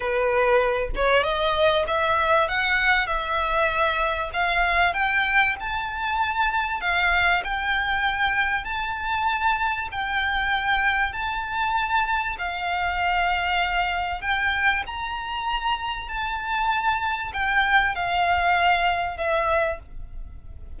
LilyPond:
\new Staff \with { instrumentName = "violin" } { \time 4/4 \tempo 4 = 97 b'4. cis''8 dis''4 e''4 | fis''4 e''2 f''4 | g''4 a''2 f''4 | g''2 a''2 |
g''2 a''2 | f''2. g''4 | ais''2 a''2 | g''4 f''2 e''4 | }